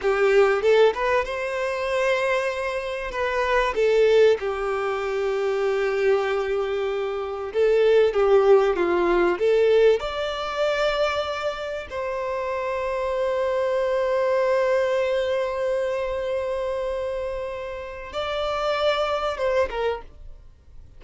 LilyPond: \new Staff \with { instrumentName = "violin" } { \time 4/4 \tempo 4 = 96 g'4 a'8 b'8 c''2~ | c''4 b'4 a'4 g'4~ | g'1 | a'4 g'4 f'4 a'4 |
d''2. c''4~ | c''1~ | c''1~ | c''4 d''2 c''8 ais'8 | }